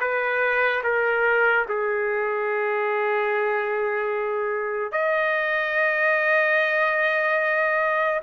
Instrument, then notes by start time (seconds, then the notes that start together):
trumpet
0.00 B4
0.83 A#4
1.68 G#4
4.92 D#5